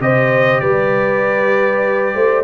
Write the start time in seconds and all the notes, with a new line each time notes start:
0.00 C3 G4 C5 D#5
0.61 G3 B4 D5
2.15 A3 C5